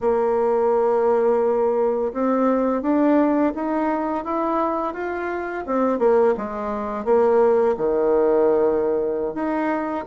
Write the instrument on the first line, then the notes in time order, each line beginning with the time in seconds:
bassoon
0.01 A#3
2.13 C4
2.82 D4
3.55 D#4
4.24 E4
4.93 F4
5.66 C4
5.98 A#3
6.37 G#3
7.04 A#3
7.77 D#3
9.34 D#4